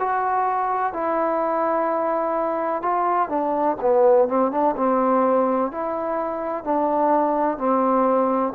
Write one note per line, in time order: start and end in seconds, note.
0.00 0.94 F#4
0.94 2.83 E4
2.83 3.29 F4
3.29 3.77 D4
3.81 4.29 B3
4.29 4.52 C4
4.52 4.76 D4
4.77 5.72 C4
5.72 6.65 E4
6.65 7.58 D4
7.58 8.53 C4